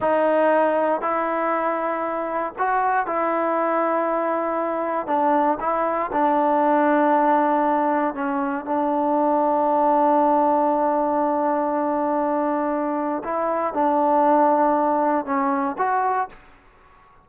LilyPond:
\new Staff \with { instrumentName = "trombone" } { \time 4/4 \tempo 4 = 118 dis'2 e'2~ | e'4 fis'4 e'2~ | e'2 d'4 e'4 | d'1 |
cis'4 d'2.~ | d'1~ | d'2 e'4 d'4~ | d'2 cis'4 fis'4 | }